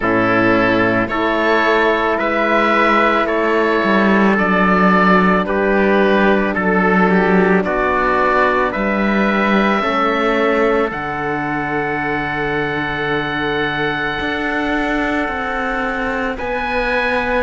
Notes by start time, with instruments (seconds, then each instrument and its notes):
0.00 cello A2, horn C#4, trumpet E4, oboe A4
1.07 cello A3, horn E4, trumpet A4, oboe C#5
2.18 cello G#3, trumpet B4, oboe E5
3.25 cello A3, trumpet A4, oboe C#5
3.83 cello G3
4.35 cello F#3, horn D4, oboe D5
5.45 cello G3, trumpet G4, oboe B4
6.54 cello F#3, oboe A4, trumpet A4
7.10 trumpet G4
7.63 cello B3, trumpet F#4, oboe D5
8.71 cello G3, trumpet B4, oboe E5
9.80 cello A3, horn C#4, trumpet A4
10.89 cello D3, horn D4, oboe F#5
14.20 cello D4
15.27 cello C4
16.37 cello B3, trumpet B4, oboe G#5